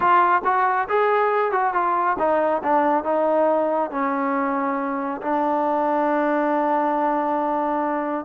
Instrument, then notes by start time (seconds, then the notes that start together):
trombone
0.00 F4
0.44 F#4
0.88 G#4
1.51 F#4
1.73 F4
2.18 D#4
2.63 D4
3.04 D#4
3.90 C#4
5.21 D4